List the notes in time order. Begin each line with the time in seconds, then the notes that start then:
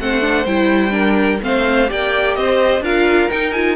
0.00 A3 C4 C5 F#5
0.22 D4
0.45 G3 E4 G5
0.91 D4 A#4
1.43 A3 C4 C5 F5
1.87 A#3 G4 D5 G5
2.35 C4 C5 D#5
2.81 D4 F4 A#4 F5
3.30 D#4 G5
3.53 F4 G#5